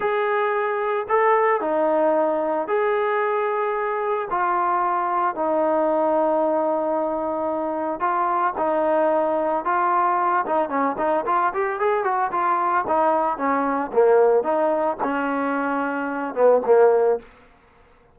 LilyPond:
\new Staff \with { instrumentName = "trombone" } { \time 4/4 \tempo 4 = 112 gis'2 a'4 dis'4~ | dis'4 gis'2. | f'2 dis'2~ | dis'2. f'4 |
dis'2 f'4. dis'8 | cis'8 dis'8 f'8 g'8 gis'8 fis'8 f'4 | dis'4 cis'4 ais4 dis'4 | cis'2~ cis'8 b8 ais4 | }